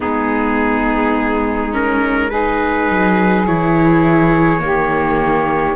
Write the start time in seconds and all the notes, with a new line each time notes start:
0.00 G#3 B3 D#4 G#4
1.72 C#4 A#4
2.29 D#4 G#4 B4
2.90 F#3
3.46 E3 E4 C#5
4.59 D#3 A#3 G4